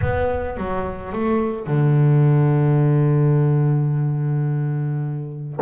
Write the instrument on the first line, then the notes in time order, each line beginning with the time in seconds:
double bass
0.01 B3
0.57 F#3
1.12 A3
1.67 D3